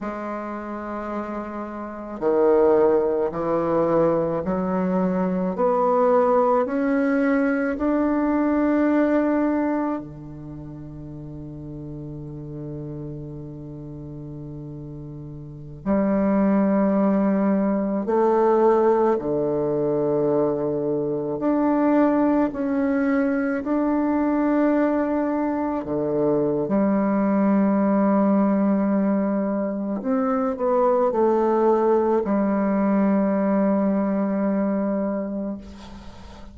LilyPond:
\new Staff \with { instrumentName = "bassoon" } { \time 4/4 \tempo 4 = 54 gis2 dis4 e4 | fis4 b4 cis'4 d'4~ | d'4 d2.~ | d2~ d16 g4.~ g16~ |
g16 a4 d2 d'8.~ | d'16 cis'4 d'2 d8. | g2. c'8 b8 | a4 g2. | }